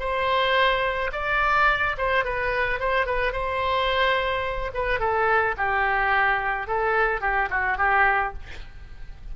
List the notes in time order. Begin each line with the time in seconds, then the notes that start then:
0.00 C5
1.13 D5
1.98 C5
2.25 B4
2.80 C5
3.06 B4
3.33 C5
4.74 B4
5.00 A4
5.58 G4
6.68 A4
7.21 G4
7.51 F#4
7.78 G4